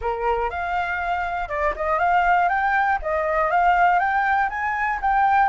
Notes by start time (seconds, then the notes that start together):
0.01 A#4
0.50 F5
1.49 D5
1.76 D#5
1.99 F5
2.48 G5
3.02 D#5
3.50 F5
3.99 G5
4.49 G#5
5.01 G5